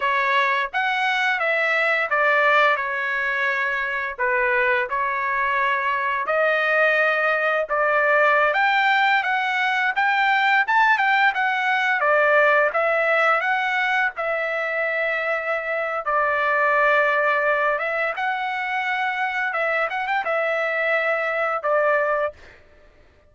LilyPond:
\new Staff \with { instrumentName = "trumpet" } { \time 4/4 \tempo 4 = 86 cis''4 fis''4 e''4 d''4 | cis''2 b'4 cis''4~ | cis''4 dis''2 d''4~ | d''16 g''4 fis''4 g''4 a''8 g''16~ |
g''16 fis''4 d''4 e''4 fis''8.~ | fis''16 e''2~ e''8. d''4~ | d''4. e''8 fis''2 | e''8 fis''16 g''16 e''2 d''4 | }